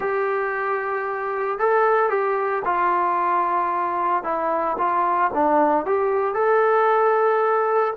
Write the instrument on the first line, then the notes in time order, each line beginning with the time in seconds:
trombone
0.00 G4
1.58 A4
2.09 G4
2.65 F4
4.23 E4
4.77 F4
5.34 D4
5.86 G4
6.34 A4